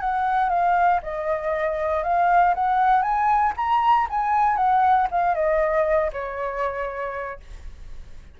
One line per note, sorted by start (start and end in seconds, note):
0.00 0.49 F#5
0.49 1.00 F5
1.02 2.03 D#5
2.03 2.54 F5
2.54 3.02 F#5
3.02 3.53 G#5
3.56 4.07 A#5
4.10 4.56 G#5
4.56 5.07 F#5
5.11 5.34 F5
5.34 6.11 D#5
6.12 7.40 C#5